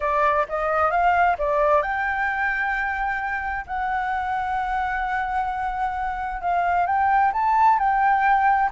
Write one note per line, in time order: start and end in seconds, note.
0.00 0.46 D5
0.48 0.90 D#5
0.90 1.36 F5
1.38 1.82 D5
1.82 3.65 G5
3.66 6.41 F#5
6.41 6.86 F5
6.86 7.32 G5
7.33 7.78 A5
7.78 8.70 G5